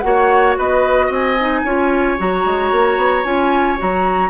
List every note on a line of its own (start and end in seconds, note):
0.00 0.57 A#3
0.00 1.37 F#4
0.00 0.54 F#5
0.06 0.58 C#5
0.58 1.10 B3
0.58 1.06 B4
0.58 1.12 D#5
1.06 1.63 C4
1.06 1.60 D#5
1.13 2.20 G#5
1.41 1.66 D#4
1.64 2.18 C#4
1.64 2.18 F4
1.64 4.30 C#5
2.18 2.45 F#3
2.18 3.24 F#4
2.18 3.24 A#5
2.45 2.72 G#3
2.72 2.97 A#3
2.97 3.24 B3
3.24 3.78 C#4
3.24 3.77 F4
3.24 3.78 G#5
3.77 4.30 F#3
3.77 4.30 F#4
3.77 4.30 A#5